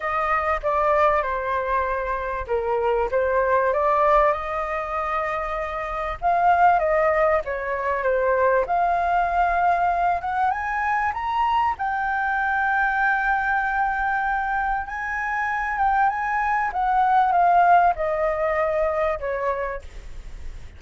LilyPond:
\new Staff \with { instrumentName = "flute" } { \time 4/4 \tempo 4 = 97 dis''4 d''4 c''2 | ais'4 c''4 d''4 dis''4~ | dis''2 f''4 dis''4 | cis''4 c''4 f''2~ |
f''8 fis''8 gis''4 ais''4 g''4~ | g''1 | gis''4. g''8 gis''4 fis''4 | f''4 dis''2 cis''4 | }